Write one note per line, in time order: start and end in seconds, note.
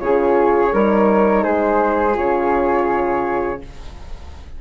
0.00 0.73 C#3
0.00 0.72 F4
0.00 0.74 G#4
0.00 1.44 C#5
0.73 1.45 G3
0.73 2.14 D#4
0.73 1.44 A#4
1.44 2.17 G#3
1.44 3.61 G#4
1.44 2.16 C5
2.14 3.62 C#3
2.14 3.58 F4
2.14 3.62 C#5